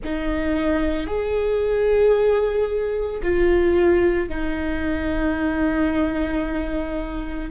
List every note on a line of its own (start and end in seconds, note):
0.03 1.06 D#4
1.06 3.20 G#4
3.22 4.29 F4
4.29 7.50 D#4